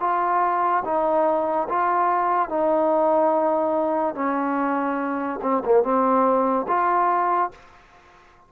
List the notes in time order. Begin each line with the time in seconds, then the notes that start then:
0.00 F4
0.84 D#4
1.69 F4
2.49 D#4
4.14 C#4
5.42 C4
5.65 A#3
5.83 C4
6.68 F4